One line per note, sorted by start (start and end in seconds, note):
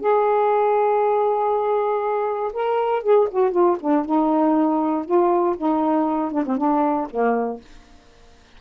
0.00 2.52 G#4
2.53 3.03 A#4
3.03 3.28 G#4
3.31 3.52 F#4
3.52 3.77 F4
3.80 4.05 D4
4.05 5.05 D#4
5.05 5.56 F4
5.57 6.31 D#4
6.31 6.44 D4
6.46 6.57 C4
6.57 7.08 D4
7.10 7.61 A#3